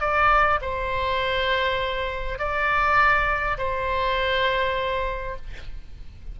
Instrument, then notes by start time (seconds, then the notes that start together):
oboe
0.00 D5
0.61 C5
2.38 D5
3.58 C5